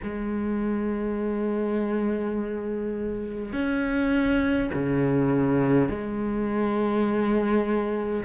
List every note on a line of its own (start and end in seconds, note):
0.03 3.52 G#3
3.52 4.70 C#4
4.73 5.88 C#3
5.88 8.24 G#3